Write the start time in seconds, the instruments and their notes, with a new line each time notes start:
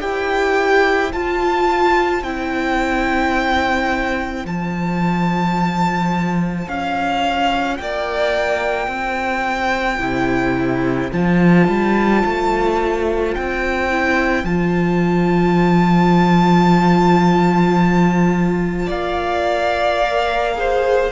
0.00 cello E4, viola G4, violin C5 G5
1.12 viola F4, cello F4, violin A5
2.23 cello C4, viola E4, violin G5
4.45 cello F3, viola F4, violin A5
6.68 cello C#4, violin F5
7.77 cello A#3, violin D5 G5
8.87 cello C4, violin C5
9.99 cello C3, viola E4
11.12 cello F3, viola F4, violin A5
11.68 cello G3
12.25 cello A3
13.34 cello C4, violin G5
13.90 viola E4
14.43 cello F3, viola F4, violin A5
18.86 cello A#3, violin D5 F5
20.02 viola A#4
20.55 viola G#4, violin C5